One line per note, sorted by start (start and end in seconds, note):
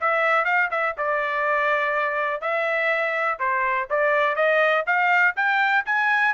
0.00 0.44 E5
0.44 0.69 F5
0.71 0.95 E5
0.97 2.41 D5
2.41 3.38 E5
3.39 3.87 C5
3.89 4.35 D5
4.35 4.84 D#5
4.86 5.35 F5
5.36 5.84 G5
5.85 6.34 G#5